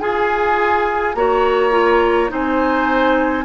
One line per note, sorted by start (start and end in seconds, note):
0.00 1.15 F4
0.00 1.15 G#4
0.00 1.16 G#4
0.00 1.15 G#5
1.15 2.30 A#3
1.15 1.71 F#4
1.15 2.31 C#5
1.15 2.30 A#5
1.71 2.29 F4
2.29 3.44 C4
2.29 3.44 D#4
2.29 3.44 C5
2.29 3.44 G#5